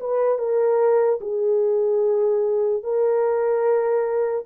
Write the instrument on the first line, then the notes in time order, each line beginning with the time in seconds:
horn
0.00 B4
0.38 A#4
1.21 G#4
2.83 A#4